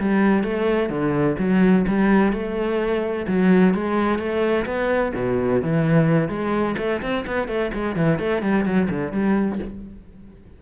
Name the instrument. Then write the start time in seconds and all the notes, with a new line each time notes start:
cello
0.00 G3
0.44 A3
0.90 D3
1.39 F#3
1.88 G3
2.33 A3
3.27 F#3
3.75 G#3
4.19 A3
4.66 B3
5.15 B2
5.62 E3
6.29 G#3
6.78 A3
7.02 C4
7.27 B3
7.48 A3
7.74 G#3
7.96 E3
8.19 A3
8.42 G3
8.65 F#3
8.90 D3
9.12 G3